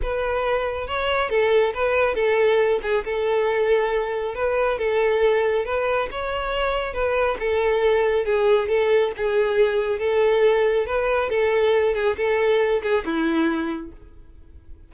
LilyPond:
\new Staff \with { instrumentName = "violin" } { \time 4/4 \tempo 4 = 138 b'2 cis''4 a'4 | b'4 a'4. gis'8 a'4~ | a'2 b'4 a'4~ | a'4 b'4 cis''2 |
b'4 a'2 gis'4 | a'4 gis'2 a'4~ | a'4 b'4 a'4. gis'8 | a'4. gis'8 e'2 | }